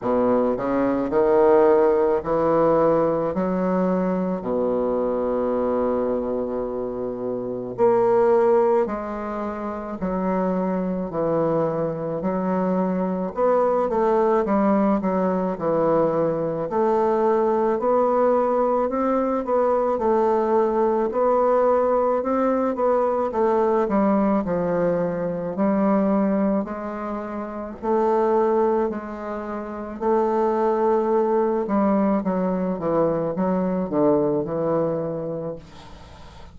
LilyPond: \new Staff \with { instrumentName = "bassoon" } { \time 4/4 \tempo 4 = 54 b,8 cis8 dis4 e4 fis4 | b,2. ais4 | gis4 fis4 e4 fis4 | b8 a8 g8 fis8 e4 a4 |
b4 c'8 b8 a4 b4 | c'8 b8 a8 g8 f4 g4 | gis4 a4 gis4 a4~ | a8 g8 fis8 e8 fis8 d8 e4 | }